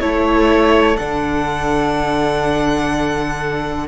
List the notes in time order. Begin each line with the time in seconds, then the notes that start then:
0.00 A3 E4 A4 C#5
0.97 D3 D4 F#5